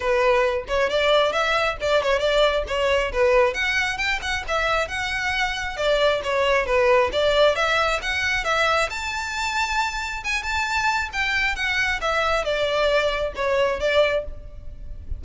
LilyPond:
\new Staff \with { instrumentName = "violin" } { \time 4/4 \tempo 4 = 135 b'4. cis''8 d''4 e''4 | d''8 cis''8 d''4 cis''4 b'4 | fis''4 g''8 fis''8 e''4 fis''4~ | fis''4 d''4 cis''4 b'4 |
d''4 e''4 fis''4 e''4 | a''2. gis''8 a''8~ | a''4 g''4 fis''4 e''4 | d''2 cis''4 d''4 | }